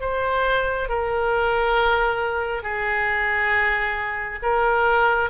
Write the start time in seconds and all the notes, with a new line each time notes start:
0.00 C5
0.88 A#4
2.62 G#4
4.42 A#4